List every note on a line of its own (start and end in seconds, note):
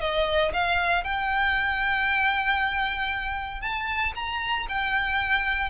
0.00 0.52 D#5
0.53 1.04 F5
1.04 3.61 G5
3.61 4.12 A5
4.15 4.66 A#5
4.68 5.70 G5